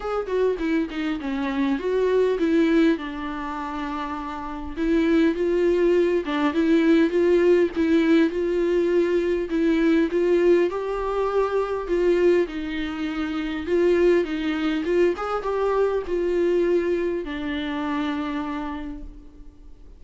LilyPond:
\new Staff \with { instrumentName = "viola" } { \time 4/4 \tempo 4 = 101 gis'8 fis'8 e'8 dis'8 cis'4 fis'4 | e'4 d'2. | e'4 f'4. d'8 e'4 | f'4 e'4 f'2 |
e'4 f'4 g'2 | f'4 dis'2 f'4 | dis'4 f'8 gis'8 g'4 f'4~ | f'4 d'2. | }